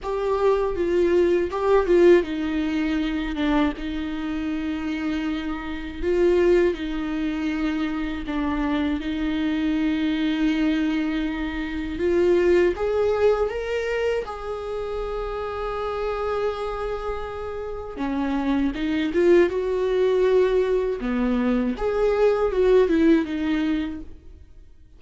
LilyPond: \new Staff \with { instrumentName = "viola" } { \time 4/4 \tempo 4 = 80 g'4 f'4 g'8 f'8 dis'4~ | dis'8 d'8 dis'2. | f'4 dis'2 d'4 | dis'1 |
f'4 gis'4 ais'4 gis'4~ | gis'1 | cis'4 dis'8 f'8 fis'2 | b4 gis'4 fis'8 e'8 dis'4 | }